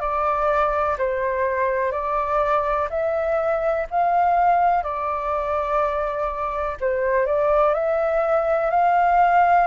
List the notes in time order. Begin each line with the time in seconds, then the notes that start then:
0.00 D5
0.98 C5
1.92 D5
2.90 E5
3.91 F5
4.83 D5
6.80 C5
7.26 D5
7.74 E5
8.71 F5